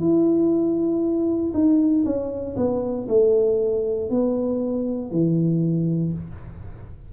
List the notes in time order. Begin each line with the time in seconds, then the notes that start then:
0.00 E4
1.53 D#4
2.05 C#4
2.57 B3
3.08 A3
4.10 B3
5.11 E3